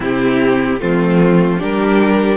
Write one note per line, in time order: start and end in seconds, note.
0.00 0.80 C3
0.00 0.79 C4
0.00 0.80 E4
0.00 0.80 G4
0.79 1.62 F3
0.79 1.59 A3
0.79 1.58 C4
0.79 1.60 F4
1.58 2.36 G3
1.58 2.36 D4
1.58 2.36 G4
1.58 2.36 A#4